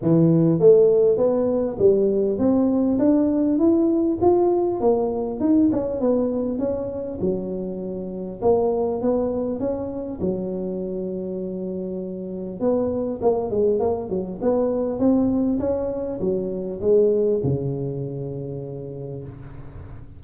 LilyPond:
\new Staff \with { instrumentName = "tuba" } { \time 4/4 \tempo 4 = 100 e4 a4 b4 g4 | c'4 d'4 e'4 f'4 | ais4 dis'8 cis'8 b4 cis'4 | fis2 ais4 b4 |
cis'4 fis2.~ | fis4 b4 ais8 gis8 ais8 fis8 | b4 c'4 cis'4 fis4 | gis4 cis2. | }